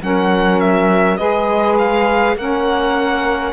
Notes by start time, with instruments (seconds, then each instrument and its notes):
0.00 cello F#3, saxophone C#4 A#4, violin F#5
0.60 violin E5
1.16 cello G#3, saxophone G#4 B4, violin D#5
1.78 violin F5
2.35 cello A#3, saxophone C#4 A#4, violin F#5